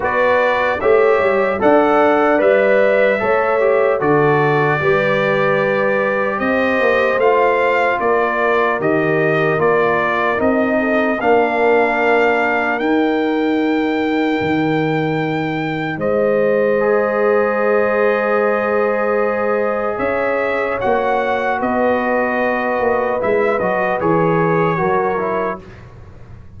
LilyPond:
<<
  \new Staff \with { instrumentName = "trumpet" } { \time 4/4 \tempo 4 = 75 d''4 e''4 fis''4 e''4~ | e''4 d''2. | dis''4 f''4 d''4 dis''4 | d''4 dis''4 f''2 |
g''1 | dis''1~ | dis''4 e''4 fis''4 dis''4~ | dis''4 e''8 dis''8 cis''2 | }
  \new Staff \with { instrumentName = "horn" } { \time 4/4 b'4 cis''4 d''2 | cis''4 a'4 b'2 | c''2 ais'2~ | ais'4. a'8 ais'2~ |
ais'1 | c''1~ | c''4 cis''2 b'4~ | b'2. ais'4 | }
  \new Staff \with { instrumentName = "trombone" } { \time 4/4 fis'4 g'4 a'4 b'4 | a'8 g'8 fis'4 g'2~ | g'4 f'2 g'4 | f'4 dis'4 d'2 |
dis'1~ | dis'4 gis'2.~ | gis'2 fis'2~ | fis'4 e'8 fis'8 gis'4 fis'8 e'8 | }
  \new Staff \with { instrumentName = "tuba" } { \time 4/4 b4 a8 g8 d'4 g4 | a4 d4 g2 | c'8 ais8 a4 ais4 dis4 | ais4 c'4 ais2 |
dis'2 dis2 | gis1~ | gis4 cis'4 ais4 b4~ | b8 ais8 gis8 fis8 e4 fis4 | }
>>